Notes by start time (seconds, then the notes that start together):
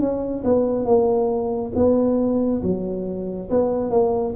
0.00 C#4
0.44 B3
0.85 A#3
1.75 B3
2.63 F#3
3.50 B3
3.91 A#3